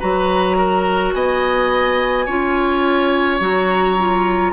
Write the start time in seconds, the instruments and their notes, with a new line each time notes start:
0.00 bassoon F#3, clarinet F#4, oboe B4, flute A#5
0.58 oboe A#4
1.13 bassoon B3, oboe D#5, flute G#5
2.26 bassoon C#4, clarinet F4, oboe C#5
3.40 bassoon F#3, clarinet F#4, flute A#5
3.98 clarinet F4